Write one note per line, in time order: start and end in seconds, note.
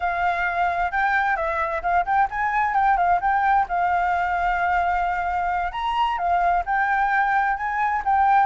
0.00 0.91 F5
0.91 1.36 G5
1.36 1.82 E5
1.82 2.05 F5
2.05 2.28 G5
2.30 2.74 G#5
2.74 2.97 G5
2.97 3.20 F5
3.20 3.66 G5
3.68 5.72 F5
5.72 6.17 A#5
6.17 6.63 F5
6.65 7.56 G5
7.56 8.02 G#5
8.04 8.46 G5